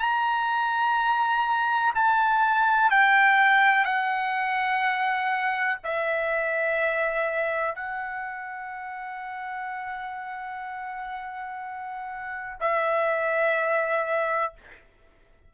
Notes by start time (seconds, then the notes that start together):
0.00 A#5
1.95 A5
2.91 G5
3.85 F#5
5.84 E5
7.76 F#5
12.61 E5